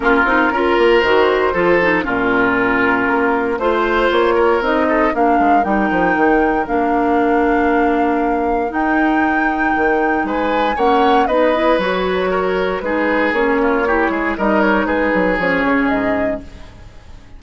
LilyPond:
<<
  \new Staff \with { instrumentName = "flute" } { \time 4/4 \tempo 4 = 117 ais'2 c''2 | ais'2. c''4 | cis''4 dis''4 f''4 g''4~ | g''4 f''2.~ |
f''4 g''2. | gis''4 fis''4 dis''4 cis''4~ | cis''4 b'4 cis''2 | dis''8 cis''8 b'4 cis''4 dis''4 | }
  \new Staff \with { instrumentName = "oboe" } { \time 4/4 f'4 ais'2 a'4 | f'2. c''4~ | c''8 ais'4 a'8 ais'2~ | ais'1~ |
ais'1 | b'4 cis''4 b'2 | ais'4 gis'4. f'8 g'8 gis'8 | ais'4 gis'2. | }
  \new Staff \with { instrumentName = "clarinet" } { \time 4/4 cis'8 dis'8 f'4 fis'4 f'8 dis'8 | cis'2. f'4~ | f'4 dis'4 d'4 dis'4~ | dis'4 d'2.~ |
d'4 dis'2.~ | dis'4 cis'4 dis'8 e'8 fis'4~ | fis'4 dis'4 cis'4 e'4 | dis'2 cis'2 | }
  \new Staff \with { instrumentName = "bassoon" } { \time 4/4 ais8 c'8 cis'8 ais8 dis4 f4 | ais,2 ais4 a4 | ais4 c'4 ais8 gis8 g8 f8 | dis4 ais2.~ |
ais4 dis'2 dis4 | gis4 ais4 b4 fis4~ | fis4 gis4 ais4. gis8 | g4 gis8 fis8 f8 cis8 gis,4 | }
>>